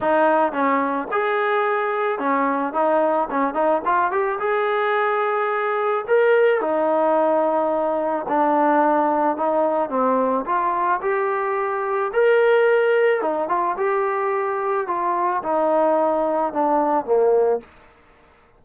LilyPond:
\new Staff \with { instrumentName = "trombone" } { \time 4/4 \tempo 4 = 109 dis'4 cis'4 gis'2 | cis'4 dis'4 cis'8 dis'8 f'8 g'8 | gis'2. ais'4 | dis'2. d'4~ |
d'4 dis'4 c'4 f'4 | g'2 ais'2 | dis'8 f'8 g'2 f'4 | dis'2 d'4 ais4 | }